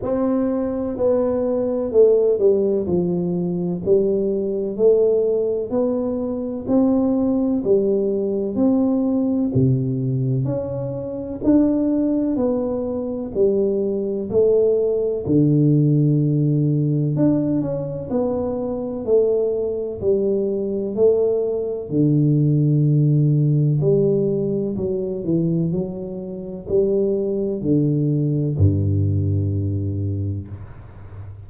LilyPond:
\new Staff \with { instrumentName = "tuba" } { \time 4/4 \tempo 4 = 63 c'4 b4 a8 g8 f4 | g4 a4 b4 c'4 | g4 c'4 c4 cis'4 | d'4 b4 g4 a4 |
d2 d'8 cis'8 b4 | a4 g4 a4 d4~ | d4 g4 fis8 e8 fis4 | g4 d4 g,2 | }